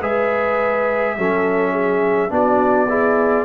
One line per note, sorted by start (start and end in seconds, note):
0.00 1.17 G#3
0.00 1.17 G#4
0.00 1.15 B4
0.00 2.33 E5
1.17 2.31 F#3
1.17 2.29 C#4
1.17 1.72 A4
1.72 2.30 G#4
2.29 3.44 B3
2.29 2.87 D4
2.29 2.88 F#4
2.29 3.44 D5
2.88 3.44 E4
2.88 3.44 G#4